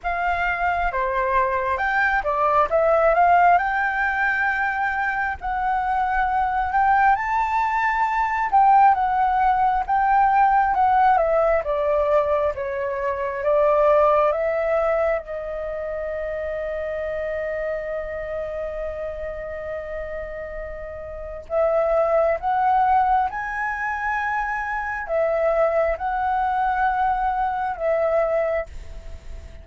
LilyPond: \new Staff \with { instrumentName = "flute" } { \time 4/4 \tempo 4 = 67 f''4 c''4 g''8 d''8 e''8 f''8 | g''2 fis''4. g''8 | a''4. g''8 fis''4 g''4 | fis''8 e''8 d''4 cis''4 d''4 |
e''4 dis''2.~ | dis''1 | e''4 fis''4 gis''2 | e''4 fis''2 e''4 | }